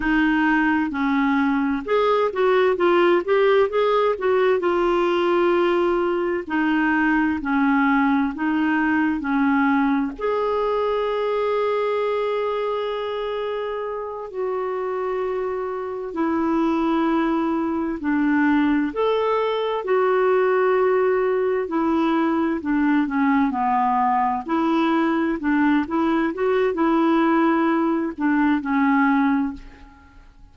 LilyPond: \new Staff \with { instrumentName = "clarinet" } { \time 4/4 \tempo 4 = 65 dis'4 cis'4 gis'8 fis'8 f'8 g'8 | gis'8 fis'8 f'2 dis'4 | cis'4 dis'4 cis'4 gis'4~ | gis'2.~ gis'8 fis'8~ |
fis'4. e'2 d'8~ | d'8 a'4 fis'2 e'8~ | e'8 d'8 cis'8 b4 e'4 d'8 | e'8 fis'8 e'4. d'8 cis'4 | }